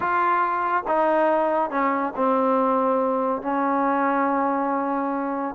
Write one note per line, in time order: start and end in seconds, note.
0.00 0.84 F4
0.87 1.70 D#4
1.70 2.13 C#4
2.16 3.42 C4
3.42 5.55 C#4